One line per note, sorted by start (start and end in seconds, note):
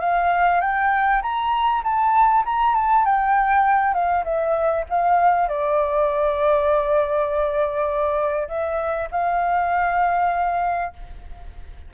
0.00 0.61 F5
0.61 1.21 G5
1.22 1.82 A#5
1.83 2.44 A5
2.45 2.75 A#5
2.75 3.05 A5
3.05 3.94 G5
3.94 4.24 F5
4.24 4.85 E5
4.90 5.48 F5
5.48 8.48 D5
8.48 9.08 E5
9.11 10.93 F5